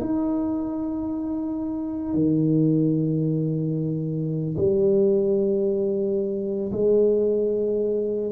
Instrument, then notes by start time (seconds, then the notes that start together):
tuba
0.00 D#4
2.14 D#3
4.57 G3
6.72 G#3